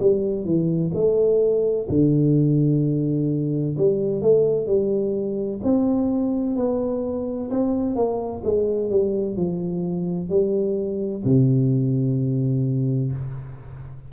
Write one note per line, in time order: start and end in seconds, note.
0.00 0.45 G3
0.45 0.92 E3
0.94 1.88 A3
1.90 3.77 D3
3.78 4.22 G3
4.22 4.67 A3
4.67 5.61 G3
5.64 6.57 C4
6.57 7.50 B3
7.51 7.96 C4
7.96 8.43 A#3
8.45 8.91 G#3
8.91 9.37 G3
9.37 10.30 F3
10.30 11.24 G3
11.25 13.12 C3